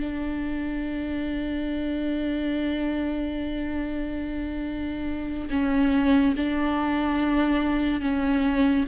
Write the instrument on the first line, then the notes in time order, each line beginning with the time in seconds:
viola
0.00 D4
5.50 C#4
6.37 D4
8.01 C#4